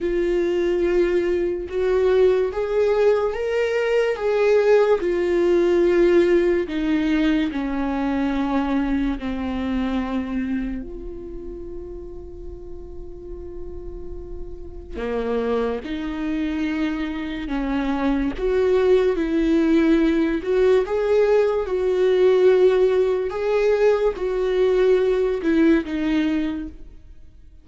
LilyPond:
\new Staff \with { instrumentName = "viola" } { \time 4/4 \tempo 4 = 72 f'2 fis'4 gis'4 | ais'4 gis'4 f'2 | dis'4 cis'2 c'4~ | c'4 f'2.~ |
f'2 ais4 dis'4~ | dis'4 cis'4 fis'4 e'4~ | e'8 fis'8 gis'4 fis'2 | gis'4 fis'4. e'8 dis'4 | }